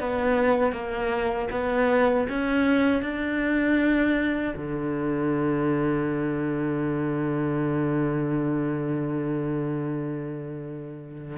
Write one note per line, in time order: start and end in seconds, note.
0.00 0.72 B3
0.72 1.48 A#3
1.51 2.26 B3
2.29 3.02 C#4
3.02 4.54 D4
4.56 11.37 D3